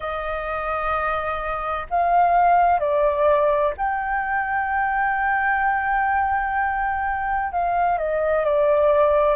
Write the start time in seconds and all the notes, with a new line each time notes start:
0.00 D#5
1.90 F5
2.79 D5
3.77 G5
7.52 F5
7.97 D#5
8.45 D5